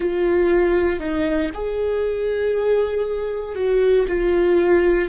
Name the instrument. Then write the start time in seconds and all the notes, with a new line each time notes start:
viola
0.00 F4
0.99 D#4
1.53 G#4
3.55 F#4
4.07 F4